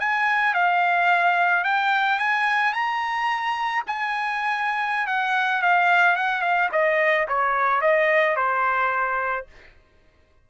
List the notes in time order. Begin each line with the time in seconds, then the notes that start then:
0.00 G#5
0.54 F5
1.64 G5
2.20 G#5
2.73 A#5
3.87 G#5
5.07 F#5
5.62 F5
6.16 F#5
6.42 F5
6.73 D#5
7.29 C#5
7.82 D#5
8.36 C5